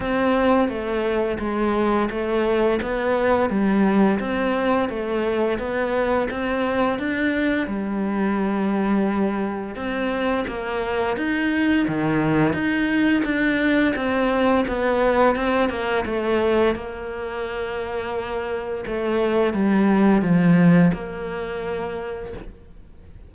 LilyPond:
\new Staff \with { instrumentName = "cello" } { \time 4/4 \tempo 4 = 86 c'4 a4 gis4 a4 | b4 g4 c'4 a4 | b4 c'4 d'4 g4~ | g2 c'4 ais4 |
dis'4 dis4 dis'4 d'4 | c'4 b4 c'8 ais8 a4 | ais2. a4 | g4 f4 ais2 | }